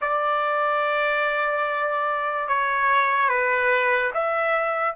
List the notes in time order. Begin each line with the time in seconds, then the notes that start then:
0.01 D5
2.48 C#5
3.28 B4
4.14 E5